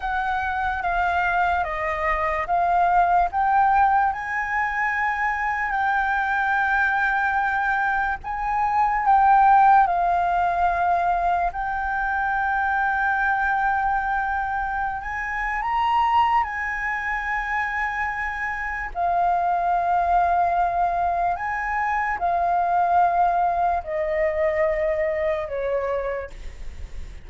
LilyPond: \new Staff \with { instrumentName = "flute" } { \time 4/4 \tempo 4 = 73 fis''4 f''4 dis''4 f''4 | g''4 gis''2 g''4~ | g''2 gis''4 g''4 | f''2 g''2~ |
g''2~ g''16 gis''8. ais''4 | gis''2. f''4~ | f''2 gis''4 f''4~ | f''4 dis''2 cis''4 | }